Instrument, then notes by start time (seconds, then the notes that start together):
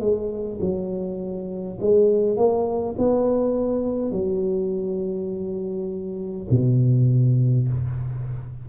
tuba
0.00 G#3
0.61 F#3
1.81 G#3
2.37 A#3
2.98 B3
4.12 F#3
6.51 B2